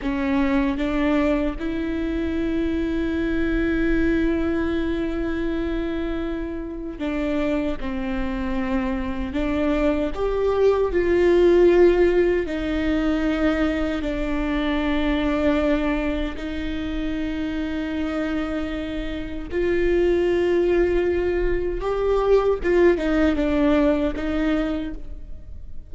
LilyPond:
\new Staff \with { instrumentName = "viola" } { \time 4/4 \tempo 4 = 77 cis'4 d'4 e'2~ | e'1~ | e'4 d'4 c'2 | d'4 g'4 f'2 |
dis'2 d'2~ | d'4 dis'2.~ | dis'4 f'2. | g'4 f'8 dis'8 d'4 dis'4 | }